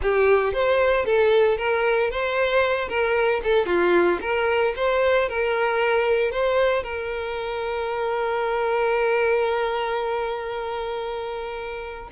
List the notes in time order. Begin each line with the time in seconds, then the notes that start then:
0.01 G4
0.53 C5
1.05 A4
1.57 A#4
2.10 C5
2.88 A#4
3.43 A4
3.66 F4
4.21 A#4
4.76 C5
5.28 A#4
6.31 C5
6.83 A#4